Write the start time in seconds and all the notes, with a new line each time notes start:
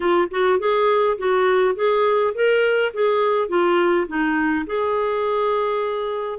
0.00 F4
0.30 F#4
0.59 G#4
1.18 F#4
1.75 G#4
2.34 A#4
2.93 G#4
3.48 F4
4.07 D#4
4.66 G#4